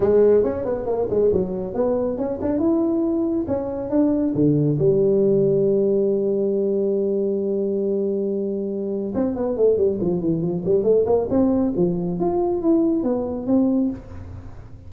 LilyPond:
\new Staff \with { instrumentName = "tuba" } { \time 4/4 \tempo 4 = 138 gis4 cis'8 b8 ais8 gis8 fis4 | b4 cis'8 d'8 e'2 | cis'4 d'4 d4 g4~ | g1~ |
g1~ | g4 c'8 b8 a8 g8 f8 e8 | f8 g8 a8 ais8 c'4 f4 | f'4 e'4 b4 c'4 | }